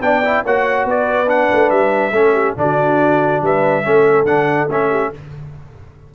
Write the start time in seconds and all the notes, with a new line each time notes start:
0.00 B3 D4 D5 G5
0.24 E4
0.45 A#3 F#4 C#5 F#5
0.84 B3 B4 D5
1.26 D4 F#5
1.52 A3
1.70 G3 E5
2.11 A3 C#4 A4
2.33 G4
2.56 D3 D4 F#4 D5
3.41 G3 B4 E5
3.83 A3 C#4 A4
4.23 D3 D4 F#5
4.68 A3 C#4 E5
4.89 G4